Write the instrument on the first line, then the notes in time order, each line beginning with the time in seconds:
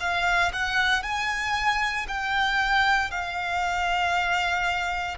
violin
0.00 F5
0.53 F#5
1.03 G#5
2.08 G5
3.11 F5